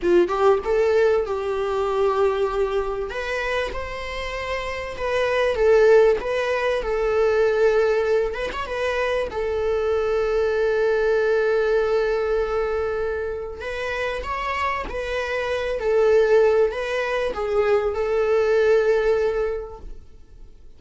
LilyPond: \new Staff \with { instrumentName = "viola" } { \time 4/4 \tempo 4 = 97 f'8 g'8 a'4 g'2~ | g'4 b'4 c''2 | b'4 a'4 b'4 a'4~ | a'4. b'16 cis''16 b'4 a'4~ |
a'1~ | a'2 b'4 cis''4 | b'4. a'4. b'4 | gis'4 a'2. | }